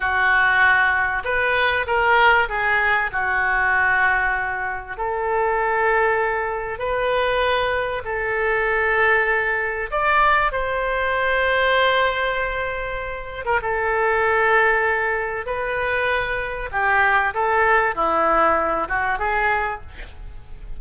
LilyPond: \new Staff \with { instrumentName = "oboe" } { \time 4/4 \tempo 4 = 97 fis'2 b'4 ais'4 | gis'4 fis'2. | a'2. b'4~ | b'4 a'2. |
d''4 c''2.~ | c''4.~ c''16 ais'16 a'2~ | a'4 b'2 g'4 | a'4 e'4. fis'8 gis'4 | }